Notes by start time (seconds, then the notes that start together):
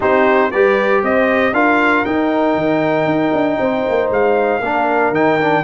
0.00 C4 D#4 G4 C5
0.51 G3 G4 B4 D5
1.02 C4 C5 D#5
1.52 D4 F4 A#4 F5
2.04 D#4 G5
2.55 D#3
3.05 D#4
3.33 D4
3.58 C4 C5
3.88 A#3
4.10 G#3 F5
4.60 A#3 D4 A#4
5.10 D#3 D#4 G5
5.40 D4